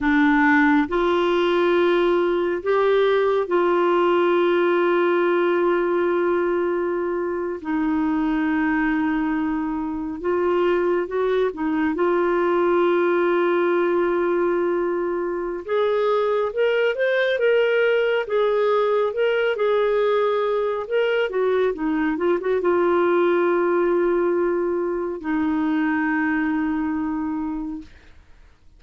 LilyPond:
\new Staff \with { instrumentName = "clarinet" } { \time 4/4 \tempo 4 = 69 d'4 f'2 g'4 | f'1~ | f'8. dis'2. f'16~ | f'8. fis'8 dis'8 f'2~ f'16~ |
f'2 gis'4 ais'8 c''8 | ais'4 gis'4 ais'8 gis'4. | ais'8 fis'8 dis'8 f'16 fis'16 f'2~ | f'4 dis'2. | }